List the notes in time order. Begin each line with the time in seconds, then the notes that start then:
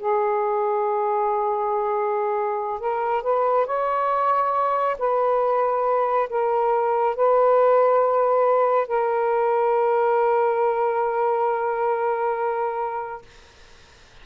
0.00 G#4
2.80 A#4
3.23 B4
3.66 C#5
4.99 B4
6.30 A#4
7.16 B4
8.88 A#4